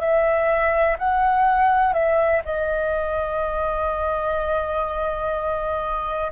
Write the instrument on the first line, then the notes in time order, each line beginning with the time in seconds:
flute
0.00 E5
0.99 F#5
1.93 E5
2.45 D#5